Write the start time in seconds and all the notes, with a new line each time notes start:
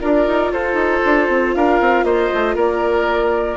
0.00 D4 F4 A#4 D5
0.27 D#4
0.52 F4 A4 C5
0.74 D#4
1.05 D4
1.29 C4
1.55 D4 A#4 F5
1.81 C4
2.04 A#3 C5 D#5
2.34 A3
2.55 A#3 A#4 D5